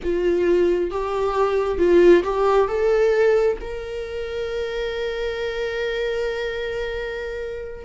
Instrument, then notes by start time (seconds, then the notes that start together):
viola
0.03 F4
0.90 G4
1.78 F4
2.23 G4
2.67 A4
3.61 A#4